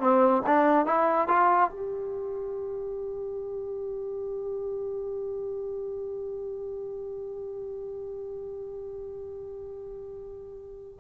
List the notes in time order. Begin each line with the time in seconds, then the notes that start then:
0.00 C4
0.46 D4
0.86 E4
1.28 F4
1.70 G4